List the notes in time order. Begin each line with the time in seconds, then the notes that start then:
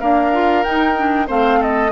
0.00 A#3 D4 A#4 F5
0.33 F4
0.64 D#4 G5
0.97 D4
1.27 A3 C4 C5 F5
1.60 A4 D#5